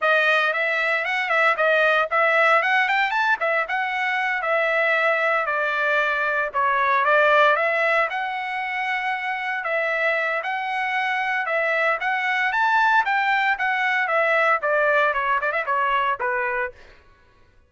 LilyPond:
\new Staff \with { instrumentName = "trumpet" } { \time 4/4 \tempo 4 = 115 dis''4 e''4 fis''8 e''8 dis''4 | e''4 fis''8 g''8 a''8 e''8 fis''4~ | fis''8 e''2 d''4.~ | d''8 cis''4 d''4 e''4 fis''8~ |
fis''2~ fis''8 e''4. | fis''2 e''4 fis''4 | a''4 g''4 fis''4 e''4 | d''4 cis''8 d''16 e''16 cis''4 b'4 | }